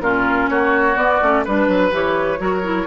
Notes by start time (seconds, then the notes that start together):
0.00 A#2 C#4 F4 A#4
0.49 A#3 F#4 C#5
0.95 B3 D5
1.22 A3 C#4
1.44 G3 D4 B4
1.68 F#3
1.91 E3 G4 C#5
2.38 F#3 F#4 A#4
2.63 E4